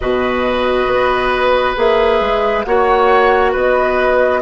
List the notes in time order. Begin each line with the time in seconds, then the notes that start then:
0.00 B2 F#4 B4 D#5
0.87 B3
1.76 A#3 G#4 E5
2.20 G#3
2.63 A#3 F#4 C#5 F#5
3.51 B3 B4 D#5